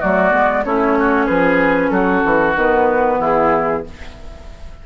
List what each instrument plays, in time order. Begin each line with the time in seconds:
0.00 bassoon F#3, clarinet A3, oboe F#4, flute D5
0.31 bassoon G#3, clarinet B3
0.64 bassoon A3, clarinet C#4, oboe E4, flute C#5
0.99 oboe F#4
1.26 bassoon F3, oboe G#4, flute B4
1.90 bassoon F#3, oboe F#4, flute A4
2.24 bassoon E3
2.56 bassoon D#3, clarinet B3, flute B4
3.20 bassoon E3, oboe E4, flute G#4